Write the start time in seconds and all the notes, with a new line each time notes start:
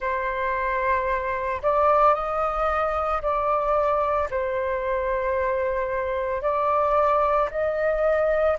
0.00 C5
1.62 D5
2.14 D#5
3.21 D5
4.30 C5
6.41 D5
7.50 D#5